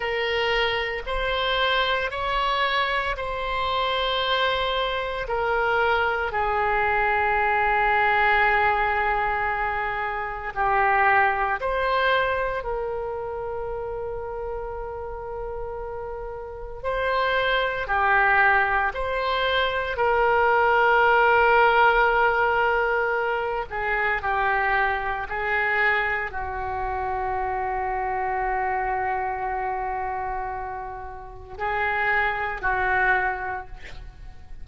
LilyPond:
\new Staff \with { instrumentName = "oboe" } { \time 4/4 \tempo 4 = 57 ais'4 c''4 cis''4 c''4~ | c''4 ais'4 gis'2~ | gis'2 g'4 c''4 | ais'1 |
c''4 g'4 c''4 ais'4~ | ais'2~ ais'8 gis'8 g'4 | gis'4 fis'2.~ | fis'2 gis'4 fis'4 | }